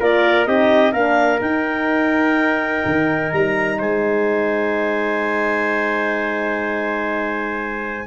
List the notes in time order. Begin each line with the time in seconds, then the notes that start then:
0.00 A#3 F4 A#4 D5
0.46 C4 D#4 G4 D#5
0.92 A#3 D4 A#4 F5
1.41 D#4 G5
2.86 D#3
3.32 G3 A#5
3.79 G#3 C5 G#5